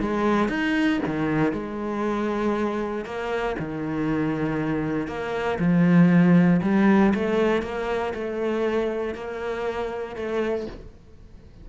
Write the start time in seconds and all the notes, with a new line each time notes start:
0.00 G#3
0.49 D#4
1.06 D#3
1.52 G#3
3.05 A#3
3.59 D#3
5.08 A#3
5.59 F3
6.62 G3
7.15 A3
7.62 A#3
8.14 A3
9.15 A#3
10.16 A3